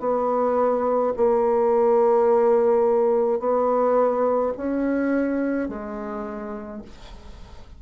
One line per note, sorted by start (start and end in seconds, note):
0.00 1.13 B3
1.17 3.40 A#3
3.40 4.53 B3
4.57 5.69 C#4
5.69 6.82 G#3